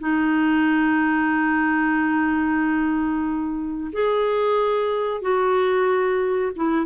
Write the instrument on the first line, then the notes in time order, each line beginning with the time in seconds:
clarinet
0.00 D#4
3.93 G#4
5.22 F#4
6.56 E4